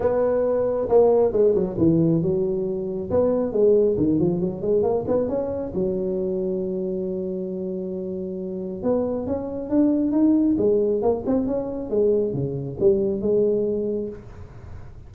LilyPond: \new Staff \with { instrumentName = "tuba" } { \time 4/4 \tempo 4 = 136 b2 ais4 gis8 fis8 | e4 fis2 b4 | gis4 dis8 f8 fis8 gis8 ais8 b8 | cis'4 fis2.~ |
fis1 | b4 cis'4 d'4 dis'4 | gis4 ais8 c'8 cis'4 gis4 | cis4 g4 gis2 | }